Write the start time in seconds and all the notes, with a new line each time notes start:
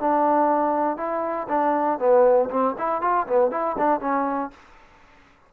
0.00 D4
0.97 E4
1.49 D4
1.99 B3
2.50 C4
2.78 E4
3.02 F4
3.27 B3
3.51 E4
3.78 D4
4.01 C#4